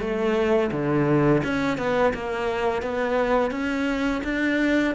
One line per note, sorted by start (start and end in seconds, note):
0.00 0.71 A3
0.71 1.42 D3
1.43 1.77 C#4
1.77 2.13 B3
2.14 2.82 A#3
2.82 3.51 B3
3.51 4.22 C#4
4.24 4.94 D4